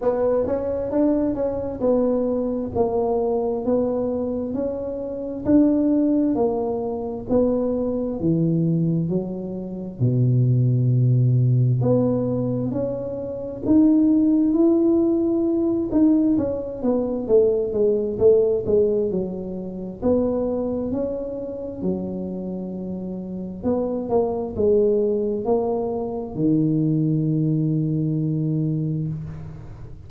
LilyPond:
\new Staff \with { instrumentName = "tuba" } { \time 4/4 \tempo 4 = 66 b8 cis'8 d'8 cis'8 b4 ais4 | b4 cis'4 d'4 ais4 | b4 e4 fis4 b,4~ | b,4 b4 cis'4 dis'4 |
e'4. dis'8 cis'8 b8 a8 gis8 | a8 gis8 fis4 b4 cis'4 | fis2 b8 ais8 gis4 | ais4 dis2. | }